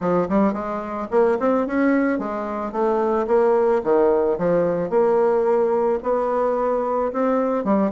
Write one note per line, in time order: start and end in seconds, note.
0.00 0.28 F3
0.29 0.53 G3
0.53 1.07 G#3
1.10 1.38 A#3
1.39 1.66 C4
1.66 2.18 C#4
2.18 2.71 G#3
2.71 3.26 A3
3.27 3.82 A#3
3.83 4.38 D#3
4.38 4.90 F3
4.90 5.99 A#3
6.02 7.12 B3
7.12 7.64 C4
7.64 7.91 G3